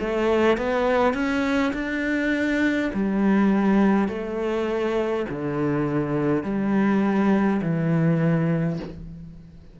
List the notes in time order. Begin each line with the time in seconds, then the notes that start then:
0.00 A3
0.58 B3
1.14 C#4
1.74 D4
2.94 G3
4.08 A3
5.29 D3
6.43 G3
7.62 E3